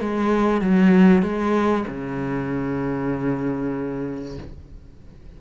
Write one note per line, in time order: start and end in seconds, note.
0.00 0.61 G#3
0.61 1.22 F#3
1.22 1.84 G#3
1.87 4.37 C#3